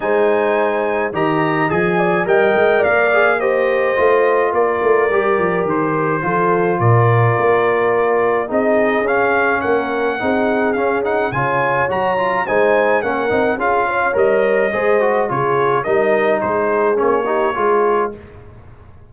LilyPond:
<<
  \new Staff \with { instrumentName = "trumpet" } { \time 4/4 \tempo 4 = 106 gis''2 ais''4 gis''4 | g''4 f''4 dis''2 | d''2 c''2 | d''2. dis''4 |
f''4 fis''2 f''8 fis''8 | gis''4 ais''4 gis''4 fis''4 | f''4 dis''2 cis''4 | dis''4 c''4 cis''2 | }
  \new Staff \with { instrumentName = "horn" } { \time 4/4 c''2 dis''4. d''8 | dis''4 d''4 c''2 | ais'2. a'4 | ais'2. gis'4~ |
gis'4 ais'4 gis'2 | cis''2 c''4 ais'4 | gis'8 cis''4. c''4 gis'4 | ais'4 gis'4. g'8 gis'4 | }
  \new Staff \with { instrumentName = "trombone" } { \time 4/4 dis'2 g'4 gis'4 | ais'4. gis'8 g'4 f'4~ | f'4 g'2 f'4~ | f'2. dis'4 |
cis'2 dis'4 cis'8 dis'8 | f'4 fis'8 f'8 dis'4 cis'8 dis'8 | f'4 ais'4 gis'8 fis'8 f'4 | dis'2 cis'8 dis'8 f'4 | }
  \new Staff \with { instrumentName = "tuba" } { \time 4/4 gis2 dis4 f4 | g8 gis8 ais2 a4 | ais8 a8 g8 f8 dis4 f4 | ais,4 ais2 c'4 |
cis'4 ais4 c'4 cis'4 | cis4 fis4 gis4 ais8 c'8 | cis'4 g4 gis4 cis4 | g4 gis4 ais4 gis4 | }
>>